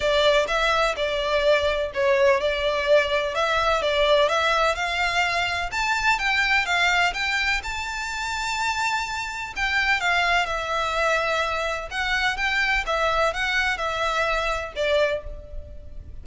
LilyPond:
\new Staff \with { instrumentName = "violin" } { \time 4/4 \tempo 4 = 126 d''4 e''4 d''2 | cis''4 d''2 e''4 | d''4 e''4 f''2 | a''4 g''4 f''4 g''4 |
a''1 | g''4 f''4 e''2~ | e''4 fis''4 g''4 e''4 | fis''4 e''2 d''4 | }